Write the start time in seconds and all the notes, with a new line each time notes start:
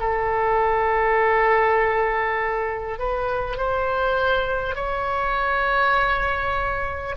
0.00 A4
2.99 B4
3.57 C5
4.76 C#5